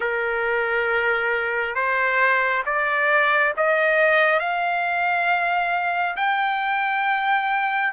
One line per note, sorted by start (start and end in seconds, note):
0.00 1.74 A#4
1.74 2.63 C5
2.65 3.53 D5
3.56 4.39 D#5
4.39 6.16 F5
6.16 7.93 G5